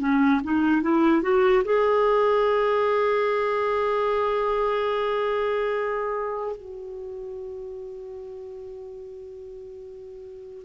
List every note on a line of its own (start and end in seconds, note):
0.00 0.41 C#4
0.44 0.82 D#4
0.82 1.22 E4
1.22 1.63 F#4
1.65 6.57 G#4
6.57 10.66 F#4